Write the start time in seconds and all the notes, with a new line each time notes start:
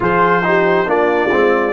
0.00 F3 F4 G#4 C5
0.42 D#4 G4
0.86 A#3 D4 F4 D5
1.31 G#3 C4